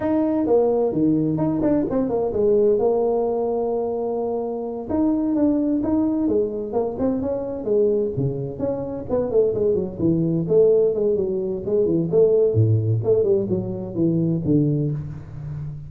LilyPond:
\new Staff \with { instrumentName = "tuba" } { \time 4/4 \tempo 4 = 129 dis'4 ais4 dis4 dis'8 d'8 | c'8 ais8 gis4 ais2~ | ais2~ ais8 dis'4 d'8~ | d'8 dis'4 gis4 ais8 c'8 cis'8~ |
cis'8 gis4 cis4 cis'4 b8 | a8 gis8 fis8 e4 a4 gis8 | fis4 gis8 e8 a4 a,4 | a8 g8 fis4 e4 d4 | }